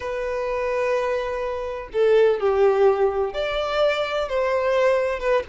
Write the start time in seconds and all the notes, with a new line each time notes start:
0.00 B4
1.92 A4
2.39 G4
3.33 D5
4.28 C5
5.19 B4